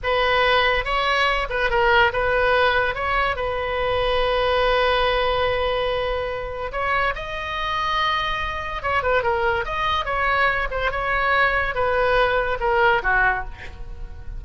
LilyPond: \new Staff \with { instrumentName = "oboe" } { \time 4/4 \tempo 4 = 143 b'2 cis''4. b'8 | ais'4 b'2 cis''4 | b'1~ | b'1 |
cis''4 dis''2.~ | dis''4 cis''8 b'8 ais'4 dis''4 | cis''4. c''8 cis''2 | b'2 ais'4 fis'4 | }